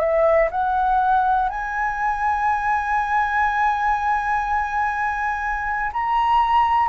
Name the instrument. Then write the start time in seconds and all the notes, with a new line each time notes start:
flute
0.00 E5
0.51 F#5
1.49 G#5
5.93 A#5